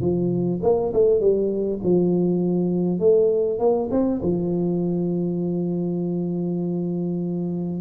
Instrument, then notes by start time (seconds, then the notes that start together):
tuba
0.00 F3
0.62 A#3
0.93 A3
1.20 G3
1.83 F3
2.99 A3
3.59 A#3
3.91 C4
4.22 F3